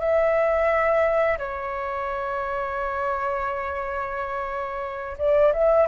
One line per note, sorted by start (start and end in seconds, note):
0.00 1.38 E5
1.39 5.18 C#5
5.18 5.53 D5
5.53 5.88 E5